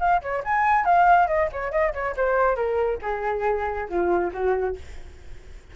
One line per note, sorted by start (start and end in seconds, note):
0.00 0.22 F5
0.22 0.43 C#5
0.44 0.85 G#5
0.85 1.28 F5
1.28 1.49 D#5
1.52 1.72 C#5
1.72 1.93 D#5
1.93 2.15 C#5
2.17 2.56 C5
2.56 2.99 A#4
3.02 3.88 G#4
3.89 4.32 F4
4.33 4.76 F#4